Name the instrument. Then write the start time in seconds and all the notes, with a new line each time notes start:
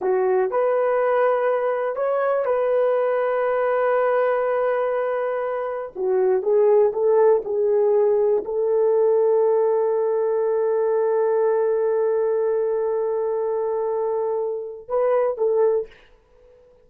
horn
0.01 F#4
0.50 B4
1.95 C#5
2.45 B4
5.95 F#4
6.42 G#4
6.93 A4
7.44 G#4
8.44 A4
14.88 B4
15.37 A4